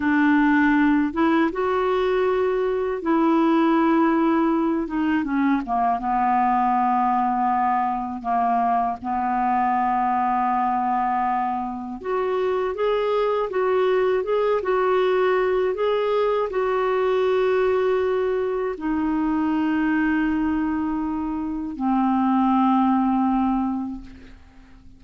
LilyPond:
\new Staff \with { instrumentName = "clarinet" } { \time 4/4 \tempo 4 = 80 d'4. e'8 fis'2 | e'2~ e'8 dis'8 cis'8 ais8 | b2. ais4 | b1 |
fis'4 gis'4 fis'4 gis'8 fis'8~ | fis'4 gis'4 fis'2~ | fis'4 dis'2.~ | dis'4 c'2. | }